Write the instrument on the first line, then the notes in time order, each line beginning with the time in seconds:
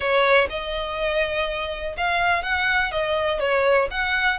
violin
0.00 C#5
0.49 D#5
1.97 F5
2.43 F#5
2.91 D#5
3.39 C#5
3.90 F#5